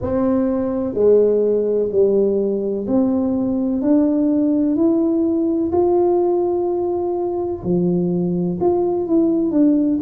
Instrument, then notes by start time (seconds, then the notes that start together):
tuba
0.01 C4
0.94 G#3
1.91 G3
2.87 C4
3.81 D4
4.75 E4
5.71 F4
7.63 F3
8.60 F4
9.06 E4
9.51 D4